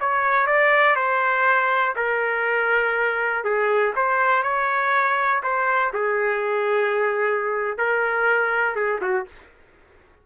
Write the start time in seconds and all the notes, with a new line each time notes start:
0.00 C#5
0.47 D5
0.96 C5
1.96 A#4
3.44 G#4
3.96 C5
4.43 C#5
5.43 C5
5.93 G#4
7.78 A#4
8.75 G#4
9.01 F#4